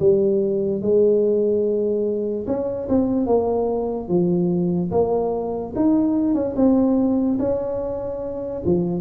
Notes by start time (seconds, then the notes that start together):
0.00 G3
0.82 G#3
2.47 C#4
2.89 C4
3.27 A#3
4.09 F3
4.92 A#3
5.76 D#4
6.35 C#4
6.56 C4
7.40 C#4
8.66 F3